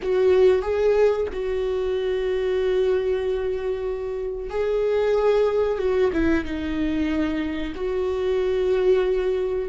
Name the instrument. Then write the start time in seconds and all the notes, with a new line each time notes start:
viola
0.02 F#4
0.62 G#4
1.32 F#4
4.50 G#4
5.78 F#4
6.12 E4
6.44 D#4
7.75 F#4